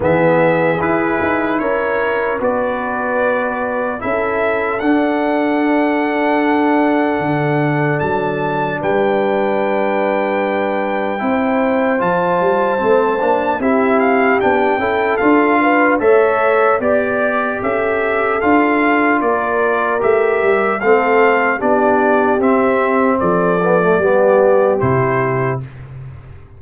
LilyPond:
<<
  \new Staff \with { instrumentName = "trumpet" } { \time 4/4 \tempo 4 = 75 e''4 b'4 cis''4 d''4~ | d''4 e''4 fis''2~ | fis''2 a''4 g''4~ | g''2. a''4~ |
a''4 e''8 f''8 g''4 f''4 | e''4 d''4 e''4 f''4 | d''4 e''4 f''4 d''4 | e''4 d''2 c''4 | }
  \new Staff \with { instrumentName = "horn" } { \time 4/4 gis'2 ais'4 b'4~ | b'4 a'2.~ | a'2. b'4~ | b'2 c''2~ |
c''4 g'4. a'4 b'8 | cis''4 d''4 a'2 | ais'2 a'4 g'4~ | g'4 a'4 g'2 | }
  \new Staff \with { instrumentName = "trombone" } { \time 4/4 b4 e'2 fis'4~ | fis'4 e'4 d'2~ | d'1~ | d'2 e'4 f'4 |
c'8 d'8 e'4 d'8 e'8 f'4 | a'4 g'2 f'4~ | f'4 g'4 c'4 d'4 | c'4. b16 a16 b4 e'4 | }
  \new Staff \with { instrumentName = "tuba" } { \time 4/4 e4 e'8 dis'8 cis'4 b4~ | b4 cis'4 d'2~ | d'4 d4 fis4 g4~ | g2 c'4 f8 g8 |
a8 ais8 c'4 b8 cis'8 d'4 | a4 b4 cis'4 d'4 | ais4 a8 g8 a4 b4 | c'4 f4 g4 c4 | }
>>